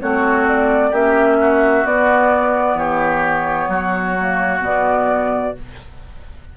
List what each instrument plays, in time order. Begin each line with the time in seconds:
0.00 bassoon A3, clarinet C4, oboe F#4, flute C#5
0.48 flute D5
0.91 bassoon A#3, clarinet C#4, oboe G4, flute E5
1.40 oboe F#4
1.84 bassoon B3, clarinet B3, flute D5
2.74 bassoon E3, oboe G4, flute C#5
3.68 bassoon F#3, oboe F#4
4.19 clarinet A#3
4.60 bassoon B2, clarinet B3, flute D5